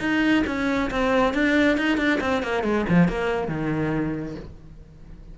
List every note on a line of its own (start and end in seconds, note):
0.00 0.44 D#4
0.47 0.91 C#4
0.91 1.34 C4
1.34 1.78 D4
1.78 1.98 D#4
1.98 2.20 D4
2.21 2.43 C4
2.43 2.64 A#3
2.64 2.86 G#3
2.89 3.09 F3
3.09 3.48 A#3
3.48 4.36 D#3